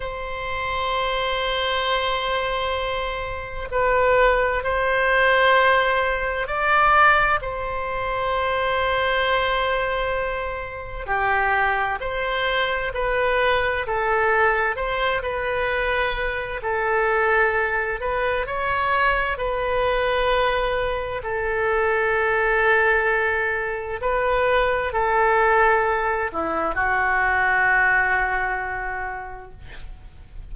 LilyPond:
\new Staff \with { instrumentName = "oboe" } { \time 4/4 \tempo 4 = 65 c''1 | b'4 c''2 d''4 | c''1 | g'4 c''4 b'4 a'4 |
c''8 b'4. a'4. b'8 | cis''4 b'2 a'4~ | a'2 b'4 a'4~ | a'8 e'8 fis'2. | }